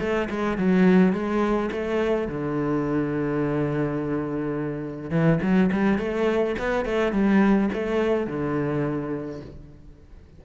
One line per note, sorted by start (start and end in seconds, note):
0.00 0.29 A3
0.30 0.58 G#3
0.58 1.13 F#3
1.13 1.70 G#3
1.72 2.29 A3
2.29 5.11 D3
5.11 5.39 E3
5.42 5.71 F#3
5.72 5.99 G3
5.99 6.56 A3
6.59 6.86 B3
6.86 7.13 A3
7.13 7.70 G3
7.74 8.27 A3
8.27 9.41 D3